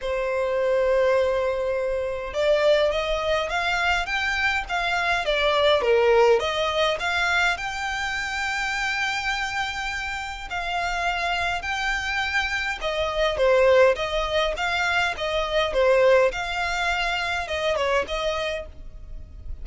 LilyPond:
\new Staff \with { instrumentName = "violin" } { \time 4/4 \tempo 4 = 103 c''1 | d''4 dis''4 f''4 g''4 | f''4 d''4 ais'4 dis''4 | f''4 g''2.~ |
g''2 f''2 | g''2 dis''4 c''4 | dis''4 f''4 dis''4 c''4 | f''2 dis''8 cis''8 dis''4 | }